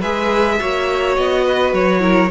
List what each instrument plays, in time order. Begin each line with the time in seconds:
0.00 cello G#3, viola G#4, violin B4 E5
0.59 cello A#3, viola F#4, violin C#5
1.16 cello B3, violin D#5
1.45 violin B4
1.73 cello F#3, violin C#5
2.00 viola E4, violin A#4